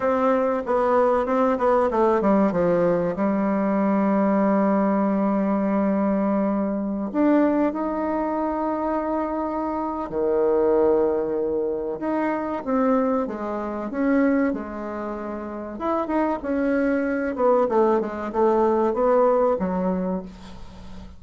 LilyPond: \new Staff \with { instrumentName = "bassoon" } { \time 4/4 \tempo 4 = 95 c'4 b4 c'8 b8 a8 g8 | f4 g2.~ | g2.~ g16 d'8.~ | d'16 dis'2.~ dis'8. |
dis2. dis'4 | c'4 gis4 cis'4 gis4~ | gis4 e'8 dis'8 cis'4. b8 | a8 gis8 a4 b4 fis4 | }